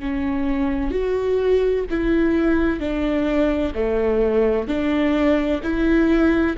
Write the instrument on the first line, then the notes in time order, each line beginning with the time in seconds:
viola
0.00 C#4
0.91 F#4
1.90 E4
2.80 D4
3.75 A3
4.67 D4
5.63 E4